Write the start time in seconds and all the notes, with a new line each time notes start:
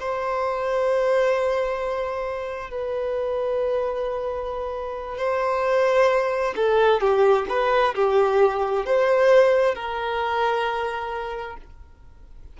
0.00 C5
2.71 B4
5.18 C5
6.57 A4
7.01 G4
7.49 B4
7.95 G4
8.86 C5
9.75 A#4